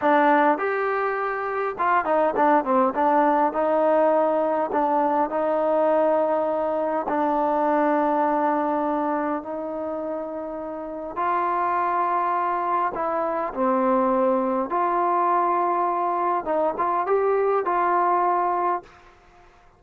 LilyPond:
\new Staff \with { instrumentName = "trombone" } { \time 4/4 \tempo 4 = 102 d'4 g'2 f'8 dis'8 | d'8 c'8 d'4 dis'2 | d'4 dis'2. | d'1 |
dis'2. f'4~ | f'2 e'4 c'4~ | c'4 f'2. | dis'8 f'8 g'4 f'2 | }